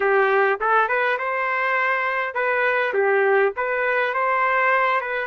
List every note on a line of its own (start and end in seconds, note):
0.00 0.59 G4
0.60 0.88 A4
0.88 1.18 B4
1.18 2.34 C5
2.34 2.93 B4
2.93 3.52 G4
3.56 4.13 B4
4.13 5.00 C5
5.00 5.27 B4